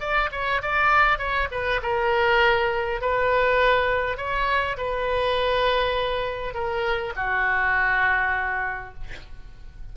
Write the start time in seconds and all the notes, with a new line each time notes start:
0.00 D5
0.32 C#5
0.62 D5
1.19 C#5
1.51 B4
1.83 A#4
3.01 B4
4.17 C#5
4.77 B4
6.54 A#4
7.16 F#4